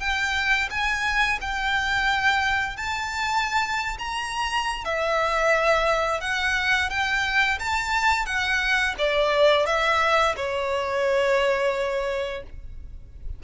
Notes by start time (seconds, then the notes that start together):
0.00 G5
0.70 G#5
1.41 G5
2.77 A5
3.98 A#5
4.85 E5
6.21 F#5
6.90 G5
7.59 A5
8.26 F#5
8.98 D5
9.66 E5
10.36 C#5